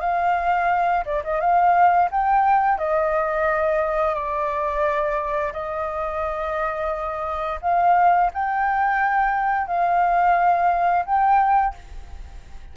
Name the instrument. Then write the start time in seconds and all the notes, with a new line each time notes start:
flute
0.00 F5
1.05 D5
1.24 D#5
1.40 F5
2.11 G5
2.78 D#5
4.14 D5
5.52 D#5
7.61 F5
8.34 G5
9.67 F5
11.05 G5